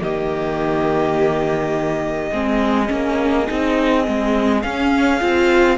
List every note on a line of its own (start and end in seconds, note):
0.00 2.31 D#3
0.00 2.31 A#3
0.00 2.32 G4
0.00 4.62 D#5
2.32 2.89 G#3
2.32 2.86 C4
2.32 5.77 G#4
2.86 3.48 A#3
2.86 3.44 C#4
3.46 4.07 C4
3.46 4.04 D#4
4.04 4.64 G#3
4.04 4.62 C4
4.62 5.19 C#4
4.62 5.21 C#4
4.62 5.77 F5
5.19 5.77 C4
5.19 5.77 F4